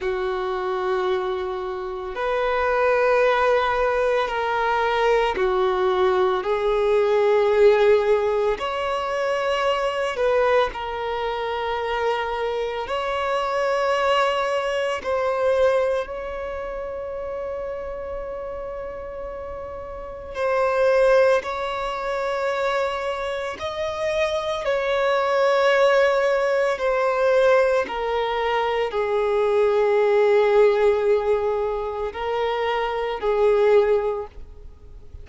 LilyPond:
\new Staff \with { instrumentName = "violin" } { \time 4/4 \tempo 4 = 56 fis'2 b'2 | ais'4 fis'4 gis'2 | cis''4. b'8 ais'2 | cis''2 c''4 cis''4~ |
cis''2. c''4 | cis''2 dis''4 cis''4~ | cis''4 c''4 ais'4 gis'4~ | gis'2 ais'4 gis'4 | }